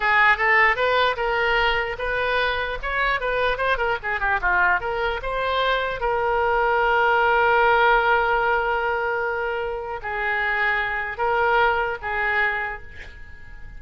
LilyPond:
\new Staff \with { instrumentName = "oboe" } { \time 4/4 \tempo 4 = 150 gis'4 a'4 b'4 ais'4~ | ais'4 b'2 cis''4 | b'4 c''8 ais'8 gis'8 g'8 f'4 | ais'4 c''2 ais'4~ |
ais'1~ | ais'1~ | ais'4 gis'2. | ais'2 gis'2 | }